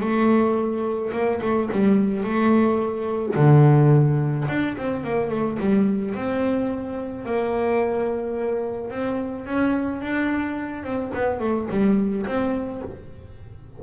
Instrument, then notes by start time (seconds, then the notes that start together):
double bass
0.00 A3
1.12 A#3
1.41 A3
1.72 G3
2.23 A3
3.36 D3
4.48 D4
4.77 C4
5.03 A#3
5.30 A3
5.60 G3
6.15 C4
7.25 A#3
8.90 C4
9.46 C#4
10.01 D4
10.84 C4
11.14 B3
11.40 A3
11.70 G3
12.26 C4